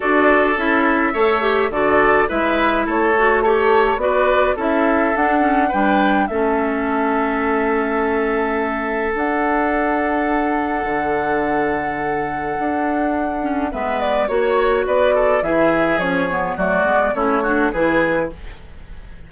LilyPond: <<
  \new Staff \with { instrumentName = "flute" } { \time 4/4 \tempo 4 = 105 d''4 e''2 d''4 | e''4 cis''4 a'4 d''4 | e''4 fis''4 g''4 e''4~ | e''1 |
fis''1~ | fis''1 | e''8 d''8 cis''4 d''4 e''4 | cis''4 d''4 cis''4 b'4 | }
  \new Staff \with { instrumentName = "oboe" } { \time 4/4 a'2 cis''4 a'4 | b'4 a'4 cis''4 b'4 | a'2 b'4 a'4~ | a'1~ |
a'1~ | a'1 | b'4 cis''4 b'8 a'8 gis'4~ | gis'4 fis'4 e'8 fis'8 gis'4 | }
  \new Staff \with { instrumentName = "clarinet" } { \time 4/4 fis'4 e'4 a'8 g'8 fis'4 | e'4. fis'8 g'4 fis'4 | e'4 d'8 cis'8 d'4 cis'4~ | cis'1 |
d'1~ | d'2.~ d'8 cis'8 | b4 fis'2 e'4 | cis'8 b8 a8 b8 cis'8 d'8 e'4 | }
  \new Staff \with { instrumentName = "bassoon" } { \time 4/4 d'4 cis'4 a4 d4 | gis4 a2 b4 | cis'4 d'4 g4 a4~ | a1 |
d'2. d4~ | d2 d'2 | gis4 ais4 b4 e4 | f4 fis8 gis8 a4 e4 | }
>>